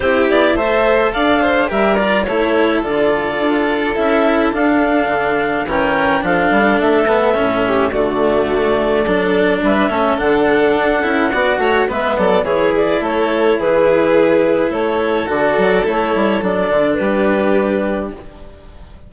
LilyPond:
<<
  \new Staff \with { instrumentName = "clarinet" } { \time 4/4 \tempo 4 = 106 c''8 d''8 e''4 f''4 e''8 d''8 | cis''4 d''2 e''4 | f''2 g''4 f''4 | e''2 d''2~ |
d''4 e''4 fis''2~ | fis''4 e''8 d''8 cis''8 d''8 cis''4 | b'2 cis''4 d''4 | cis''4 d''4 b'2 | }
  \new Staff \with { instrumentName = "violin" } { \time 4/4 g'4 c''4 d''8 c''8 ais'4 | a'1~ | a'2 ais'4 a'4~ | a'4. g'8 fis'2 |
a'4 b'8 a'2~ a'8 | d''8 cis''8 b'8 a'8 gis'4 a'4 | gis'2 a'2~ | a'2 g'2 | }
  \new Staff \with { instrumentName = "cello" } { \time 4/4 e'4 a'2 g'8 f'8 | e'4 f'2 e'4 | d'2 cis'4 d'4~ | d'8 b8 cis'4 a2 |
d'4. cis'8 d'4. e'8 | fis'4 b4 e'2~ | e'2. fis'4 | e'4 d'2. | }
  \new Staff \with { instrumentName = "bassoon" } { \time 4/4 c'8 b8 a4 d'4 g4 | a4 d4 d'4 cis'4 | d'4 d4 e4 f8 g8 | a4 a,4 d2 |
fis4 g8 a8 d4 d'8 cis'8 | b8 a8 gis8 fis8 e4 a4 | e2 a4 d8 fis8 | a8 g8 fis8 d8 g2 | }
>>